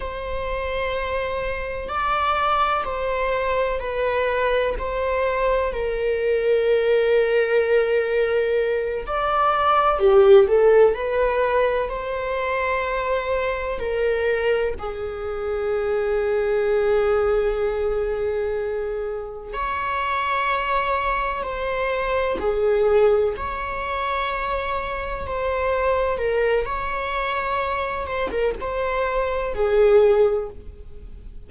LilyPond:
\new Staff \with { instrumentName = "viola" } { \time 4/4 \tempo 4 = 63 c''2 d''4 c''4 | b'4 c''4 ais'2~ | ais'4. d''4 g'8 a'8 b'8~ | b'8 c''2 ais'4 gis'8~ |
gis'1~ | gis'8 cis''2 c''4 gis'8~ | gis'8 cis''2 c''4 ais'8 | cis''4. c''16 ais'16 c''4 gis'4 | }